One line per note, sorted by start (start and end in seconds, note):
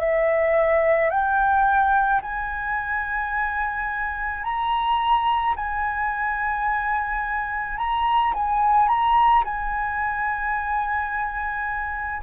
0.00 1.11 E5
1.11 2.22 G5
2.22 4.44 G#5
4.44 5.55 A#5
5.56 7.78 G#5
7.78 8.33 A#5
8.34 8.88 G#5
8.88 9.44 A#5
9.44 12.22 G#5